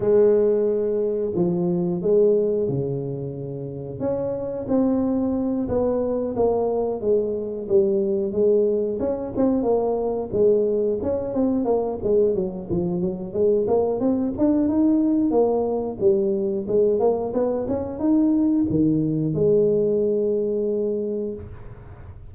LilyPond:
\new Staff \with { instrumentName = "tuba" } { \time 4/4 \tempo 4 = 90 gis2 f4 gis4 | cis2 cis'4 c'4~ | c'8 b4 ais4 gis4 g8~ | g8 gis4 cis'8 c'8 ais4 gis8~ |
gis8 cis'8 c'8 ais8 gis8 fis8 f8 fis8 | gis8 ais8 c'8 d'8 dis'4 ais4 | g4 gis8 ais8 b8 cis'8 dis'4 | dis4 gis2. | }